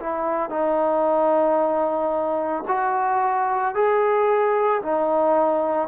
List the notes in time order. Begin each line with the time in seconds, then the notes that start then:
0.00 E4
0.50 D#4
2.68 F#4
3.75 G#4
4.83 D#4